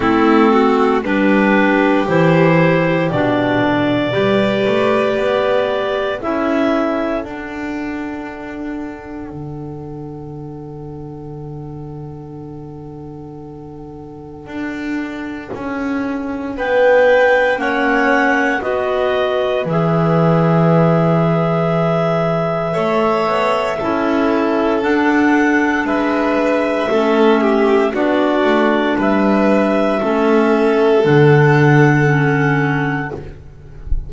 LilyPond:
<<
  \new Staff \with { instrumentName = "clarinet" } { \time 4/4 \tempo 4 = 58 a'4 b'4 c''4 d''4~ | d''2 e''4 fis''4~ | fis''1~ | fis''1 |
g''4 fis''4 dis''4 e''4~ | e''1 | fis''4 e''2 d''4 | e''2 fis''2 | }
  \new Staff \with { instrumentName = "violin" } { \time 4/4 e'8 fis'8 g'2~ g'8 a'8 | b'2 a'2~ | a'1~ | a'1 |
b'4 cis''4 b'2~ | b'2 cis''4 a'4~ | a'4 b'4 a'8 g'8 fis'4 | b'4 a'2. | }
  \new Staff \with { instrumentName = "clarinet" } { \time 4/4 c'4 d'4 e'4 d'4 | g'2 e'4 d'4~ | d'1~ | d'1~ |
d'4 cis'4 fis'4 gis'4~ | gis'2 a'4 e'4 | d'2 cis'4 d'4~ | d'4 cis'4 d'4 cis'4 | }
  \new Staff \with { instrumentName = "double bass" } { \time 4/4 a4 g4 e4 b,4 | g8 a8 b4 cis'4 d'4~ | d'4 d2.~ | d2 d'4 cis'4 |
b4 ais4 b4 e4~ | e2 a8 b8 cis'4 | d'4 gis4 a4 b8 a8 | g4 a4 d2 | }
>>